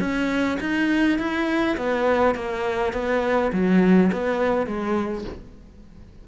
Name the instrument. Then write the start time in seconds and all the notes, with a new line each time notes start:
cello
0.00 C#4
0.60 D#4
1.19 E4
1.77 B3
2.35 A#3
2.93 B3
3.53 F#3
4.12 B3
4.67 G#3